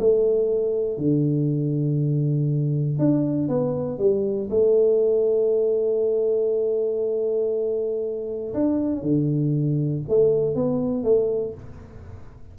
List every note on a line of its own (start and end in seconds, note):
0.00 0.98 A3
0.98 2.99 D3
2.99 3.49 D4
3.49 3.99 B3
3.99 4.49 G3
4.51 8.54 A3
8.54 9.03 D4
9.03 10.03 D3
10.09 10.56 A3
10.56 11.04 B3
11.04 11.55 A3